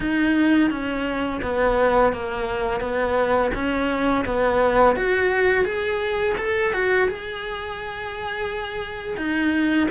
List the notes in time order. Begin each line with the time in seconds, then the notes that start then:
0.00 D#4
0.70 C#4
1.42 B3
2.12 A#3
2.80 B3
3.54 C#4
4.25 B3
4.96 F#4
5.65 G#4
6.37 A4
6.73 F#4
7.08 G#4
9.17 D#4